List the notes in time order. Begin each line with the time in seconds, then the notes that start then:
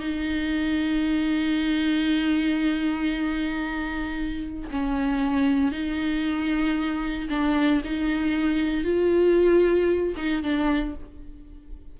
0.00 D#4
4.71 C#4
5.72 D#4
7.29 D4
7.84 D#4
8.84 F4
10.17 D#4
10.43 D4